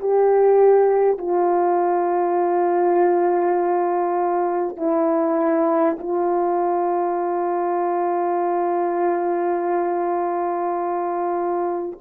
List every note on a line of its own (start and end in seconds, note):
0.00 1.19 G4
1.19 4.77 F4
4.77 5.97 E4
5.99 11.99 F4